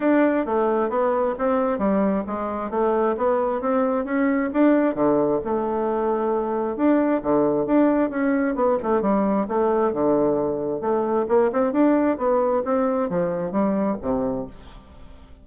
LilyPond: \new Staff \with { instrumentName = "bassoon" } { \time 4/4 \tempo 4 = 133 d'4 a4 b4 c'4 | g4 gis4 a4 b4 | c'4 cis'4 d'4 d4 | a2. d'4 |
d4 d'4 cis'4 b8 a8 | g4 a4 d2 | a4 ais8 c'8 d'4 b4 | c'4 f4 g4 c4 | }